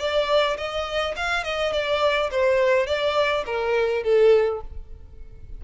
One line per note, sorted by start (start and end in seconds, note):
0.00 0.58 D5
0.58 1.15 D#5
1.17 1.44 F5
1.44 1.73 D#5
1.73 2.31 D5
2.32 2.87 C5
2.87 3.45 D5
3.46 4.04 A#4
4.04 4.62 A4